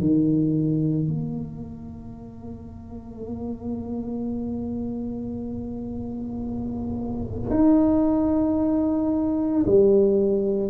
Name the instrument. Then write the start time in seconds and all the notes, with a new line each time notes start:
tuba
0.00 D#3
1.07 A#3
7.50 D#4
9.66 G3